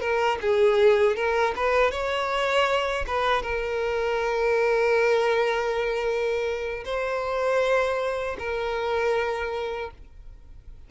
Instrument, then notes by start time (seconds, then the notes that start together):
violin
0.00 A#4
0.41 G#4
1.16 A#4
1.56 B4
1.91 C#5
3.06 B4
3.42 A#4
6.85 C5
8.39 A#4